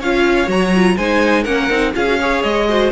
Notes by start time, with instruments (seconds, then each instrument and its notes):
0.00 cello C#4, viola F4, violin C#5 F5
0.48 cello F#3, viola F#4, violin A#5
0.76 viola F4
0.97 cello G#3, viola D#4, violin C5 G#5
1.43 cello A#3, viola C#4, violin A#4 F#5
1.70 cello C4, viola D#4
1.95 cello C#4, viola F4, violin G#4 F5
2.08 viola F#4
2.20 viola G#4, violin C#5
2.43 cello G#3, violin D#5
2.69 viola F#4, violin C5